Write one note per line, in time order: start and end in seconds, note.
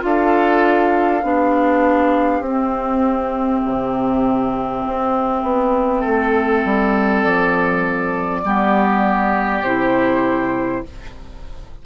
0.00 1.23 D4
0.00 1.20 F4
0.00 1.24 A4
0.00 2.44 F5
1.23 2.40 B3
1.23 2.43 D4
1.23 6.00 G4
2.40 3.60 C4
2.40 8.43 C4
2.40 7.23 E5
3.65 4.85 C3
4.86 5.42 C4
5.42 6.03 B3
6.00 6.65 A3
6.00 8.40 A4
6.65 7.25 G3
7.23 8.44 F3
7.23 9.63 D5
8.44 9.62 G3
8.44 9.64 B3
8.44 10.85 G4
9.62 10.82 C3
9.62 10.85 E4
9.62 10.83 C5